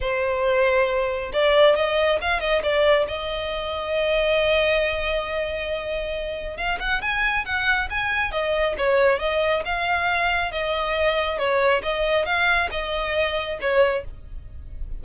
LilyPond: \new Staff \with { instrumentName = "violin" } { \time 4/4 \tempo 4 = 137 c''2. d''4 | dis''4 f''8 dis''8 d''4 dis''4~ | dis''1~ | dis''2. f''8 fis''8 |
gis''4 fis''4 gis''4 dis''4 | cis''4 dis''4 f''2 | dis''2 cis''4 dis''4 | f''4 dis''2 cis''4 | }